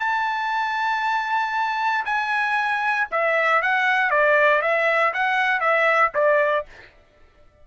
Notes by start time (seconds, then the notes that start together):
0.00 A5
2.05 G#5
3.11 E5
3.62 F#5
4.11 D5
4.62 E5
5.14 F#5
5.61 E5
6.14 D5